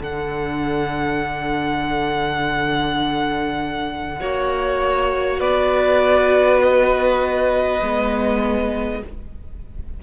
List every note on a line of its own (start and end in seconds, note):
0.00 4.20 D3
0.00 4.21 D4
0.00 4.20 A4
0.00 5.40 F#5
4.20 5.41 A#3
4.20 7.81 F#4
4.20 5.39 C#5
5.39 7.81 B3
5.39 8.99 B4
5.39 6.60 D5
6.62 9.02 D#5
7.82 9.03 G#3
7.82 9.02 B3